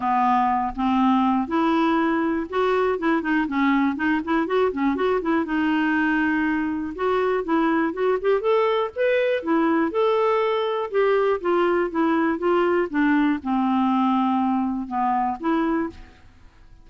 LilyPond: \new Staff \with { instrumentName = "clarinet" } { \time 4/4 \tempo 4 = 121 b4. c'4. e'4~ | e'4 fis'4 e'8 dis'8 cis'4 | dis'8 e'8 fis'8 cis'8 fis'8 e'8 dis'4~ | dis'2 fis'4 e'4 |
fis'8 g'8 a'4 b'4 e'4 | a'2 g'4 f'4 | e'4 f'4 d'4 c'4~ | c'2 b4 e'4 | }